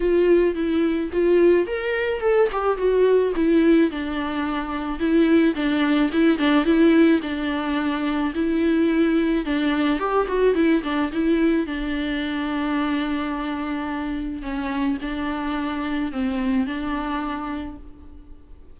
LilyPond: \new Staff \with { instrumentName = "viola" } { \time 4/4 \tempo 4 = 108 f'4 e'4 f'4 ais'4 | a'8 g'8 fis'4 e'4 d'4~ | d'4 e'4 d'4 e'8 d'8 | e'4 d'2 e'4~ |
e'4 d'4 g'8 fis'8 e'8 d'8 | e'4 d'2.~ | d'2 cis'4 d'4~ | d'4 c'4 d'2 | }